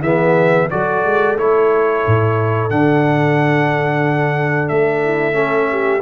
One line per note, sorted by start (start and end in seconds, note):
0.00 0.67 E3
0.00 0.69 B3
0.00 0.68 G#4
0.00 0.68 E5
0.70 1.04 F#3
0.70 1.36 F#4
0.70 5.03 A4
0.70 1.37 D5
1.04 1.37 G#3
1.37 2.03 A3
1.37 2.69 E4
1.37 2.70 C#5
2.06 2.70 A2
2.69 4.70 D3
2.69 5.33 D4
2.69 4.68 F#5
4.68 6.02 A3
4.68 6.01 E5
5.03 5.34 E4
5.33 5.99 C#4
5.33 5.67 A4
5.70 6.02 G4